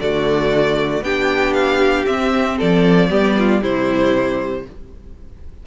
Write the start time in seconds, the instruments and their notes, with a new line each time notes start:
0.00 cello D3, viola A3, violin F#4 D5
1.02 cello B3, viola D4, violin G4 G5
1.53 violin F5
2.06 viola C4, cello C4, violin E5
2.57 cello F3, violin A4 D5
3.09 cello G3, viola B3, violin G4
3.39 violin F4
3.61 cello C3, viola G3, violin E4 C5